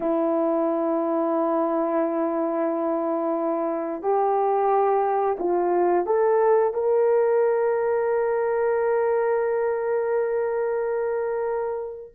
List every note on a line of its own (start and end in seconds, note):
0.00 4.02 E4
4.02 5.37 G4
5.39 6.06 F4
6.06 6.73 A4
6.73 12.12 A#4